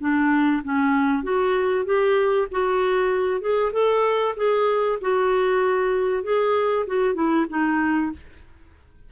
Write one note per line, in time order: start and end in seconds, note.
0.00 0.62 D4
0.64 1.23 C#4
1.23 1.86 F#4
1.86 2.48 G4
2.51 3.41 F#4
3.41 3.72 G#4
3.72 4.35 A4
4.37 4.99 G#4
5.01 6.23 F#4
6.23 6.86 G#4
6.87 7.15 F#4
7.15 7.46 E4
7.49 8.12 D#4